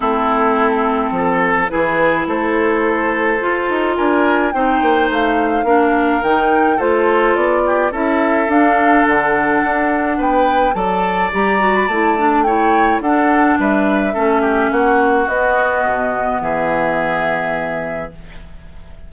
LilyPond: <<
  \new Staff \with { instrumentName = "flute" } { \time 4/4 \tempo 4 = 106 a'2. b'4 | c''2. gis''4 | g''4 f''2 g''4 | c''4 d''4 e''4 f''4 |
fis''2 g''4 a''4 | ais''8. b''16 a''4 g''4 fis''4 | e''2 fis''4 dis''4~ | dis''4 e''2. | }
  \new Staff \with { instrumentName = "oboe" } { \time 4/4 e'2 a'4 gis'4 | a'2. ais'4 | c''2 ais'2 | a'4. g'8 a'2~ |
a'2 b'4 d''4~ | d''2 cis''4 a'4 | b'4 a'8 g'8 fis'2~ | fis'4 gis'2. | }
  \new Staff \with { instrumentName = "clarinet" } { \time 4/4 c'2. e'4~ | e'2 f'2 | dis'2 d'4 dis'4 | f'2 e'4 d'4~ |
d'2. a'4 | g'8 fis'8 e'8 d'8 e'4 d'4~ | d'4 cis'2 b4~ | b1 | }
  \new Staff \with { instrumentName = "bassoon" } { \time 4/4 a2 f4 e4 | a2 f'8 dis'8 d'4 | c'8 ais8 a4 ais4 dis4 | a4 b4 cis'4 d'4 |
d4 d'4 b4 fis4 | g4 a2 d'4 | g4 a4 ais4 b4 | b,4 e2. | }
>>